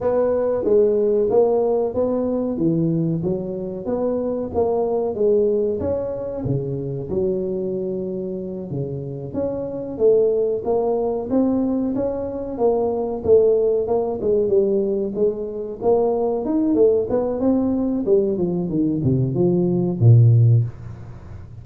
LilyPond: \new Staff \with { instrumentName = "tuba" } { \time 4/4 \tempo 4 = 93 b4 gis4 ais4 b4 | e4 fis4 b4 ais4 | gis4 cis'4 cis4 fis4~ | fis4. cis4 cis'4 a8~ |
a8 ais4 c'4 cis'4 ais8~ | ais8 a4 ais8 gis8 g4 gis8~ | gis8 ais4 dis'8 a8 b8 c'4 | g8 f8 dis8 c8 f4 ais,4 | }